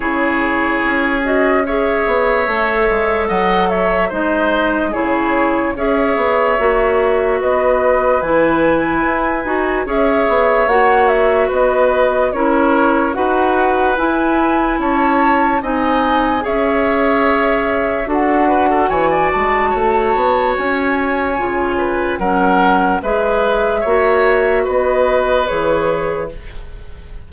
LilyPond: <<
  \new Staff \with { instrumentName = "flute" } { \time 4/4 \tempo 4 = 73 cis''4. dis''8 e''2 | fis''8 e''8 dis''4 cis''4 e''4~ | e''4 dis''4 gis''2 | e''4 fis''8 e''8 dis''4 cis''4 |
fis''4 gis''4 a''4 gis''4 | e''2 fis''4 gis''8 a''8~ | a''4 gis''2 fis''4 | e''2 dis''4 cis''4 | }
  \new Staff \with { instrumentName = "oboe" } { \time 4/4 gis'2 cis''2 | dis''8 cis''8 c''4 gis'4 cis''4~ | cis''4 b'2. | cis''2 b'4 ais'4 |
b'2 cis''4 dis''4 | cis''2 a'8 b'16 a'16 cis''16 d''8. | cis''2~ cis''8 b'8 ais'4 | b'4 cis''4 b'2 | }
  \new Staff \with { instrumentName = "clarinet" } { \time 4/4 e'4. fis'8 gis'4 a'4~ | a'4 dis'4 e'4 gis'4 | fis'2 e'4. fis'8 | gis'4 fis'2 e'4 |
fis'4 e'2 dis'4 | gis'2 fis'2~ | fis'2 f'4 cis'4 | gis'4 fis'2 gis'4 | }
  \new Staff \with { instrumentName = "bassoon" } { \time 4/4 cis4 cis'4. b8 a8 gis8 | fis4 gis4 cis4 cis'8 b8 | ais4 b4 e4 e'8 dis'8 | cis'8 b8 ais4 b4 cis'4 |
dis'4 e'4 cis'4 c'4 | cis'2 d'4 e8 gis8 | a8 b8 cis'4 cis4 fis4 | gis4 ais4 b4 e4 | }
>>